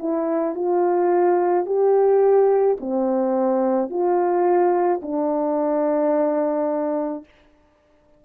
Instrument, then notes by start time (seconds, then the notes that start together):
horn
0.00 E4
0.55 F4
1.66 G4
2.80 C4
3.90 F4
5.03 D4